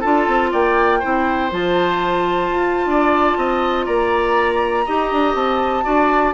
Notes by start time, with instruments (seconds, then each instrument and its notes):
0.00 bassoon D4, clarinet F4, oboe A4, flute A5
0.27 bassoon C4
0.52 bassoon A#3, oboe D5, flute G5
0.99 bassoon C4, clarinet E4, oboe C5
1.51 bassoon F3, clarinet F4, flute A5
2.50 bassoon F4
2.86 bassoon D4, oboe D5
3.37 bassoon C4, oboe D#5
3.85 bassoon A#3, oboe D5, flute A#5
4.85 bassoon D#4, clarinet G4, oboe D#5
5.12 bassoon D4
5.35 bassoon C4, flute A5
5.83 bassoon D4, clarinet F#4, oboe D5